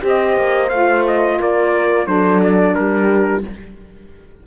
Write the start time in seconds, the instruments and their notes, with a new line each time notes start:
0.00 cello C4, saxophone G4, horn C5
0.08 trumpet D#5
0.37 cello A#3
0.69 cello A3, saxophone F4, trumpet F5
1.07 trumpet D#5
1.40 cello A#3, horn A#4, trumpet D5
2.06 cello F#3, saxophone D4, horn A4, trumpet C5
2.43 trumpet D5
2.75 cello G3, horn G4, trumpet A#4